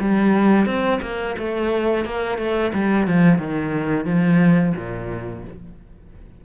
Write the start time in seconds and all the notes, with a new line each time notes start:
0.00 G3
0.65 C4
1.01 A#3
1.38 A3
2.05 A#3
2.38 A3
2.73 G3
3.07 F3
3.38 D#3
4.05 F3
4.76 A#2